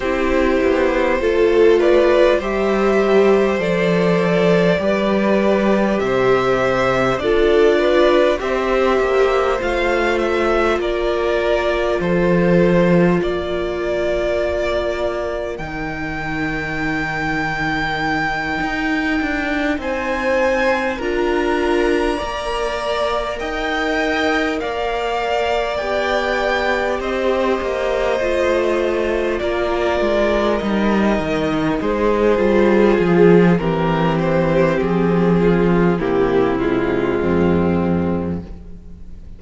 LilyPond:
<<
  \new Staff \with { instrumentName = "violin" } { \time 4/4 \tempo 4 = 50 c''4. d''8 e''4 d''4~ | d''4 e''4 d''4 e''4 | f''8 e''8 d''4 c''4 d''4~ | d''4 g''2.~ |
g''8 gis''4 ais''2 g''8~ | g''8 f''4 g''4 dis''4.~ | dis''8 d''4 dis''4 c''4 gis'8 | ais'8 c''8 gis'4 g'8 f'4. | }
  \new Staff \with { instrumentName = "violin" } { \time 4/4 g'4 a'8 b'8 c''2 | b'4 c''4 a'8 b'8 c''4~ | c''4 ais'4 a'4 ais'4~ | ais'1~ |
ais'8 c''4 ais'4 d''4 dis''8~ | dis''8 d''2 c''4.~ | c''8 ais'2 gis'4. | g'4. f'8 e'4 c'4 | }
  \new Staff \with { instrumentName = "viola" } { \time 4/4 e'4 f'4 g'4 a'4 | g'2 f'4 g'4 | f'1~ | f'4 dis'2.~ |
dis'4. f'4 ais'4.~ | ais'4. g'2 f'8~ | f'4. dis'4. f'4 | c'2 ais8 gis4. | }
  \new Staff \with { instrumentName = "cello" } { \time 4/4 c'8 b8 a4 g4 f4 | g4 c4 d'4 c'8 ais8 | a4 ais4 f4 ais4~ | ais4 dis2~ dis8 dis'8 |
d'8 c'4 d'4 ais4 dis'8~ | dis'8 ais4 b4 c'8 ais8 a8~ | a8 ais8 gis8 g8 dis8 gis8 g8 f8 | e4 f4 c4 f,4 | }
>>